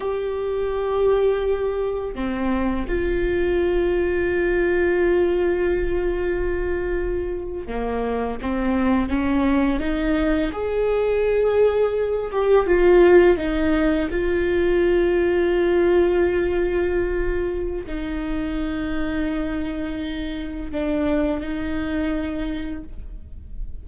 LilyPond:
\new Staff \with { instrumentName = "viola" } { \time 4/4 \tempo 4 = 84 g'2. c'4 | f'1~ | f'2~ f'8. ais4 c'16~ | c'8. cis'4 dis'4 gis'4~ gis'16~ |
gis'4~ gis'16 g'8 f'4 dis'4 f'16~ | f'1~ | f'4 dis'2.~ | dis'4 d'4 dis'2 | }